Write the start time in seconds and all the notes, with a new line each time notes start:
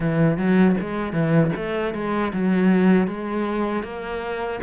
0.00 E3
0.37 F#3
0.80 G#3
1.12 E3
1.56 A3
1.94 G#3
2.33 F#3
3.07 G#3
3.83 A#3